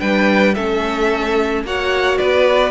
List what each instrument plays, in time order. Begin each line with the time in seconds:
0.00 cello G3, viola D4, violin B4 G5
0.55 cello A3, viola C#4, violin A4 E5
1.64 cello A#3, viola F#4, violin C#5 F#5
2.18 cello B3, violin B4 D5